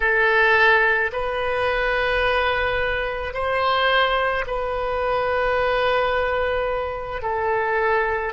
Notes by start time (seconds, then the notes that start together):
0.00 A4
1.12 B4
3.33 C5
4.46 B4
7.22 A4